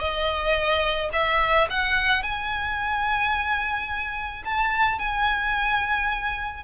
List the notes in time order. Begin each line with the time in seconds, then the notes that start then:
0.00 D#5
1.13 E5
1.70 F#5
2.23 G#5
4.45 A5
4.99 G#5